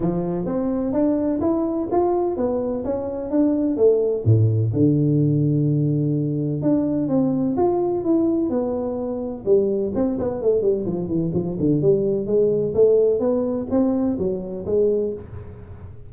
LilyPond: \new Staff \with { instrumentName = "tuba" } { \time 4/4 \tempo 4 = 127 f4 c'4 d'4 e'4 | f'4 b4 cis'4 d'4 | a4 a,4 d2~ | d2 d'4 c'4 |
f'4 e'4 b2 | g4 c'8 b8 a8 g8 f8 e8 | f8 d8 g4 gis4 a4 | b4 c'4 fis4 gis4 | }